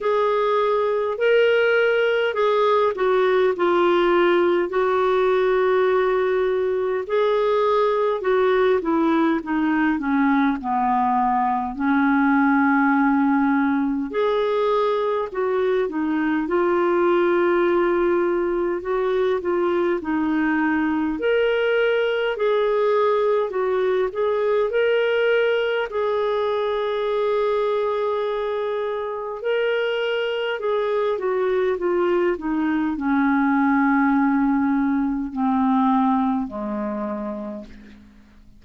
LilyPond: \new Staff \with { instrumentName = "clarinet" } { \time 4/4 \tempo 4 = 51 gis'4 ais'4 gis'8 fis'8 f'4 | fis'2 gis'4 fis'8 e'8 | dis'8 cis'8 b4 cis'2 | gis'4 fis'8 dis'8 f'2 |
fis'8 f'8 dis'4 ais'4 gis'4 | fis'8 gis'8 ais'4 gis'2~ | gis'4 ais'4 gis'8 fis'8 f'8 dis'8 | cis'2 c'4 gis4 | }